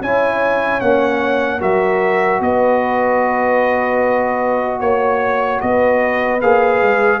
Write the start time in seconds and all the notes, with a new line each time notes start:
0.00 C#4 E4 C#5 G#5
0.80 A#3 C#4 F#5
1.60 F#3 F#4 A#4 E5
2.40 B3 B4 D#5
4.80 A#3 C#5
5.60 B3 B4 D#5
6.41 A#3 G#4 F5
6.82 G#3